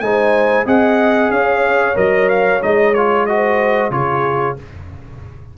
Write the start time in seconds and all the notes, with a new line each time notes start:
0.00 G#3 D#4 C5 G#5
0.66 C4 G#4 D#5 F#5
1.31 C#4 C#5 F5
1.95 F#3 A#4 D#5
2.29 F5
2.62 G#3 D#4 D#5
2.94 F4 C#5
3.26 F#4 C5 D#5
3.91 C#3 F4 G#4 C#5